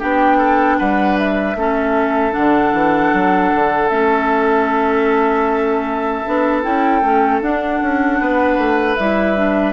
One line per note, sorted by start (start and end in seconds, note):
0.00 0.80 B3
0.00 1.56 D4
0.00 0.38 G4
0.00 0.79 G5
0.38 0.77 A4
0.79 1.55 G3
0.79 1.57 B4
0.79 1.18 F#5
1.18 2.33 E5
1.55 2.33 A3
1.55 2.32 C#4
1.55 8.21 A4
2.32 2.73 D3
2.32 3.88 D4
2.32 3.89 F#5
2.73 3.12 E3
3.14 3.53 F#3
3.55 3.91 D3
3.89 6.25 A3
3.89 6.25 C#4
3.89 6.62 E5
6.27 6.65 B3
6.27 6.63 D4
6.63 7.02 C#4
6.63 7.02 E4
6.63 7.42 G5
7.02 7.41 A3
7.02 7.42 C#4
7.42 7.81 D4
7.42 8.98 D4
7.42 8.96 F#5
7.82 8.20 C#4
8.20 8.58 B3
8.20 9.73 B4
8.58 8.97 A3
8.96 9.73 G3
8.96 9.37 E4
8.96 9.73 E5
9.37 9.73 D4